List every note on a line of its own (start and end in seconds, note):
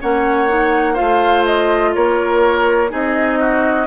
0.00 0.99 A#3
0.00 0.48 C#4
0.00 0.93 C#5
0.00 0.96 F#5
0.48 0.95 D#4
0.93 2.88 F4
0.93 1.90 C5
0.93 1.44 F5
1.00 1.95 A3
1.45 1.93 D#5
1.94 2.92 A#3
1.94 2.90 A#4
1.94 2.91 C#5
2.89 3.87 C4
2.89 3.85 D#4
2.89 3.39 G#4
2.89 3.87 D#5
3.39 3.87 F#4